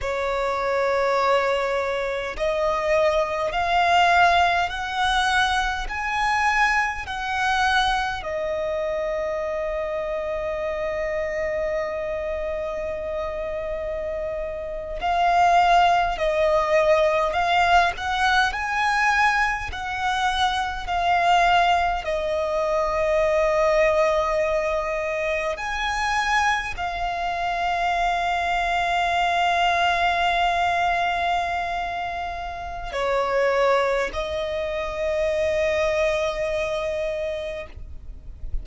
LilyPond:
\new Staff \with { instrumentName = "violin" } { \time 4/4 \tempo 4 = 51 cis''2 dis''4 f''4 | fis''4 gis''4 fis''4 dis''4~ | dis''1~ | dis''8. f''4 dis''4 f''8 fis''8 gis''16~ |
gis''8. fis''4 f''4 dis''4~ dis''16~ | dis''4.~ dis''16 gis''4 f''4~ f''16~ | f''1 | cis''4 dis''2. | }